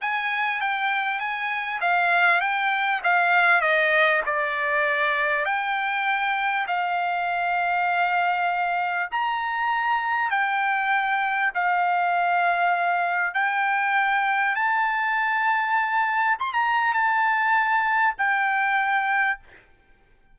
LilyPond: \new Staff \with { instrumentName = "trumpet" } { \time 4/4 \tempo 4 = 99 gis''4 g''4 gis''4 f''4 | g''4 f''4 dis''4 d''4~ | d''4 g''2 f''4~ | f''2. ais''4~ |
ais''4 g''2 f''4~ | f''2 g''2 | a''2. c'''16 ais''8. | a''2 g''2 | }